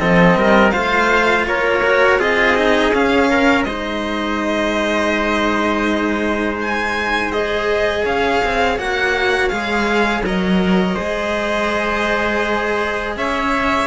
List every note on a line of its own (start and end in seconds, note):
0.00 0.36 F3
0.00 0.72 C4
0.00 0.37 A4
0.00 0.71 D#5
0.36 0.73 G3
0.36 0.73 A#4
0.71 1.48 A3
0.71 1.82 F4
0.71 1.46 C5
0.71 1.45 F5
1.48 2.20 A#3
1.48 2.20 A#4
1.48 2.21 C#5
1.83 2.20 F#4
2.20 2.92 C4
2.20 2.56 F4
2.20 3.30 G#4
2.20 2.94 D#5
2.57 2.93 D#4
2.92 3.65 C#4
2.92 3.67 C#4
2.92 3.64 F5
3.30 3.66 A#4
3.64 8.04 G#3
3.64 7.33 D#4
3.64 8.04 C5
3.64 6.57 D#5
6.62 7.32 G#5
7.32 8.79 G#4
7.32 8.05 D#5
8.04 8.42 C#4
8.04 10.95 C#5
8.04 8.79 F5
8.44 8.78 C4
8.78 9.52 A#3
8.78 9.51 F#4
8.78 9.49 F#5
9.49 10.23 G#3
9.49 10.24 G#4
9.49 10.22 F5
10.23 10.96 F#3
10.23 10.97 A#4
10.23 13.18 D#5
10.95 13.16 G#3
10.95 13.87 G#4
10.95 13.15 C5
13.16 13.87 C#4
13.16 13.87 C#5
13.16 13.87 E5